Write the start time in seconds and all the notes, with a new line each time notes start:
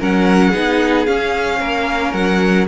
0.00 F#3 C#4 A#4 F#5
0.50 B3 D#4 G#4
1.06 C#4 F5
1.61 A#3 A#4
2.13 F#3 F#5